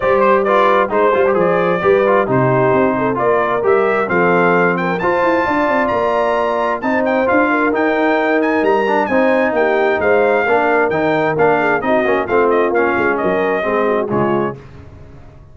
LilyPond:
<<
  \new Staff \with { instrumentName = "trumpet" } { \time 4/4 \tempo 4 = 132 d''8 c''8 d''4 c''4 d''4~ | d''4 c''2 d''4 | e''4 f''4. g''8 a''4~ | a''4 ais''2 a''8 g''8 |
f''4 g''4. gis''8 ais''4 | gis''4 g''4 f''2 | g''4 f''4 dis''4 f''8 dis''8 | f''4 dis''2 cis''4 | }
  \new Staff \with { instrumentName = "horn" } { \time 4/4 c''4 b'4 c''2 | b'4 g'4. a'8 ais'4~ | ais'4 a'4. ais'8 c''4 | d''2. c''4~ |
c''8 ais'2.~ ais'8 | c''4 g'4 c''4 ais'4~ | ais'4. gis'8 fis'4 f'4~ | f'4 ais'4 gis'8 fis'8 f'4 | }
  \new Staff \with { instrumentName = "trombone" } { \time 4/4 g'4 f'4 dis'8 f'16 g'16 gis'4 | g'8 f'8 dis'2 f'4 | g'4 c'2 f'4~ | f'2. dis'4 |
f'4 dis'2~ dis'8 d'8 | dis'2. d'4 | dis'4 d'4 dis'8 cis'8 c'4 | cis'2 c'4 gis4 | }
  \new Staff \with { instrumentName = "tuba" } { \time 4/4 g2 gis8 g8 f4 | g4 c4 c'4 ais4 | g4 f2 f'8 e'8 | d'8 c'8 ais2 c'4 |
d'4 dis'2 g4 | c'4 ais4 gis4 ais4 | dis4 ais4 c'8 ais8 a4 | ais8 gis8 fis4 gis4 cis4 | }
>>